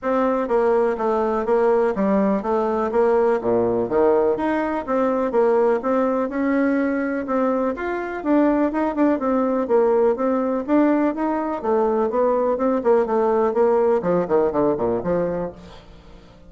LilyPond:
\new Staff \with { instrumentName = "bassoon" } { \time 4/4 \tempo 4 = 124 c'4 ais4 a4 ais4 | g4 a4 ais4 ais,4 | dis4 dis'4 c'4 ais4 | c'4 cis'2 c'4 |
f'4 d'4 dis'8 d'8 c'4 | ais4 c'4 d'4 dis'4 | a4 b4 c'8 ais8 a4 | ais4 f8 dis8 d8 ais,8 f4 | }